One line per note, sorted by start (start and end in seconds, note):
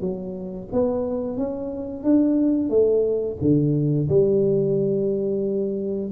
0.00 0.67 F#3
0.72 1.37 B3
1.37 2.03 C#4
2.03 2.69 D4
2.69 3.37 A3
3.41 4.08 D3
4.08 6.11 G3